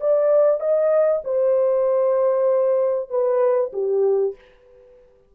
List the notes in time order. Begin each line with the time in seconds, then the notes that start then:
0.00 D5
0.60 D#5
1.24 C5
3.10 B4
3.73 G4